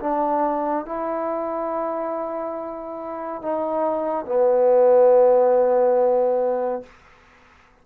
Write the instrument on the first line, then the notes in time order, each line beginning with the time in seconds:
trombone
0.00 D4
0.85 E4
3.42 D#4
4.26 B3